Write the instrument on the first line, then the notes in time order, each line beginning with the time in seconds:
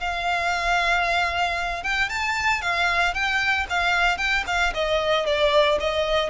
violin
0.00 F5
1.83 G5
2.09 A5
2.62 F5
3.14 G5
3.70 F5
4.18 G5
4.47 F5
4.74 D#5
5.26 D5
5.80 D#5